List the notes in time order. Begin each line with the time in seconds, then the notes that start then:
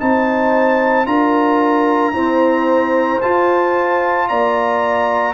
0.00 C4 D#4 C5 A5
1.06 D4 F4 A#4 A#5
2.14 C4 E4 C5
3.22 F4 A5
4.29 A#3 D5 A#5